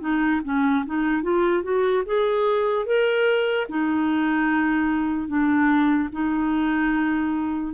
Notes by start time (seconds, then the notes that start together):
0.00 D#4
0.44 C#4
0.86 D#4
1.23 F4
1.63 F#4
2.06 G#4
2.86 A#4
3.69 D#4
5.28 D4
6.12 D#4